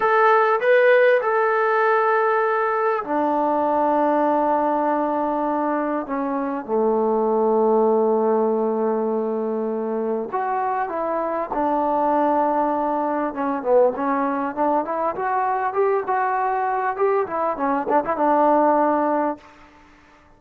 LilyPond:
\new Staff \with { instrumentName = "trombone" } { \time 4/4 \tempo 4 = 99 a'4 b'4 a'2~ | a'4 d'2.~ | d'2 cis'4 a4~ | a1~ |
a4 fis'4 e'4 d'4~ | d'2 cis'8 b8 cis'4 | d'8 e'8 fis'4 g'8 fis'4. | g'8 e'8 cis'8 d'16 e'16 d'2 | }